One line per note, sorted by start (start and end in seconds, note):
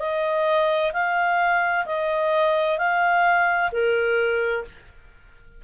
0.00 0.92 D#5
0.94 1.86 F5
1.86 2.79 D#5
2.79 3.71 F5
3.72 4.64 A#4